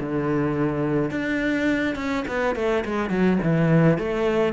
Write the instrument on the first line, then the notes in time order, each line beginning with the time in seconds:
cello
0.00 D3
1.11 D4
1.96 C#4
2.28 B3
2.56 A3
2.85 G#3
3.10 F#3
3.43 E3
3.98 A3